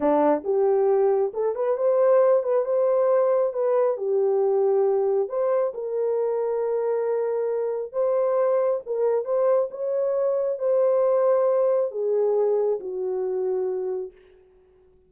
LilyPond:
\new Staff \with { instrumentName = "horn" } { \time 4/4 \tempo 4 = 136 d'4 g'2 a'8 b'8 | c''4. b'8 c''2 | b'4 g'2. | c''4 ais'2.~ |
ais'2 c''2 | ais'4 c''4 cis''2 | c''2. gis'4~ | gis'4 fis'2. | }